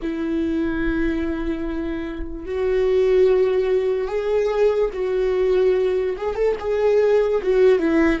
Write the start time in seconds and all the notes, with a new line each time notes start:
0.01 E4
2.45 F#4
4.07 G#4
4.93 F#4
6.16 G#4
6.35 A4
6.59 G#4
7.42 F#4
7.78 E4